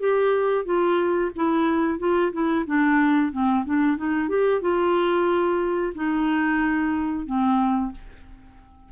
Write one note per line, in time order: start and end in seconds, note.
0.00 0.66 G4
0.66 1.32 F4
1.36 1.99 E4
1.99 2.32 F4
2.33 2.66 E4
2.67 3.32 D4
3.32 3.65 C4
3.66 3.98 D4
3.98 4.29 D#4
4.29 4.62 G4
4.62 5.94 F4
5.95 7.26 D#4
7.26 7.92 C4